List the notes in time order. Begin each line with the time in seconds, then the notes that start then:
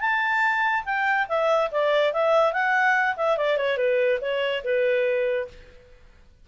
0.00 A5
0.85 G5
1.28 E5
1.71 D5
2.13 E5
2.53 F#5
3.16 E5
3.37 D5
3.57 C#5
3.77 B4
4.21 C#5
4.64 B4